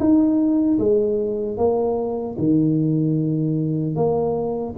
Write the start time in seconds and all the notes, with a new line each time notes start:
0.00 D#4
0.79 G#3
1.58 A#3
2.39 D#3
3.96 A#3